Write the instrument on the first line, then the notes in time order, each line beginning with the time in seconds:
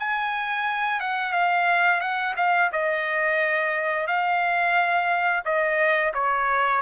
trumpet
0.00 G#5
1.01 F#5
1.33 F5
2.01 F#5
2.37 F5
2.73 D#5
4.07 F5
5.45 D#5
6.14 C#5